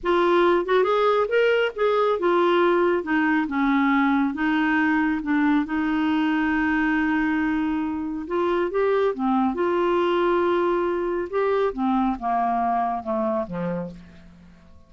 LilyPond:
\new Staff \with { instrumentName = "clarinet" } { \time 4/4 \tempo 4 = 138 f'4. fis'8 gis'4 ais'4 | gis'4 f'2 dis'4 | cis'2 dis'2 | d'4 dis'2.~ |
dis'2. f'4 | g'4 c'4 f'2~ | f'2 g'4 c'4 | ais2 a4 f4 | }